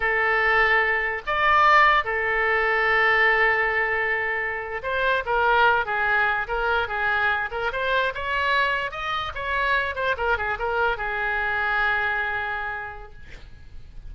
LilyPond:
\new Staff \with { instrumentName = "oboe" } { \time 4/4 \tempo 4 = 146 a'2. d''4~ | d''4 a'2.~ | a'2.~ a'8. c''16~ | c''8. ais'4. gis'4. ais'16~ |
ais'8. gis'4. ais'8 c''4 cis''16~ | cis''4.~ cis''16 dis''4 cis''4~ cis''16~ | cis''16 c''8 ais'8 gis'8 ais'4 gis'4~ gis'16~ | gis'1 | }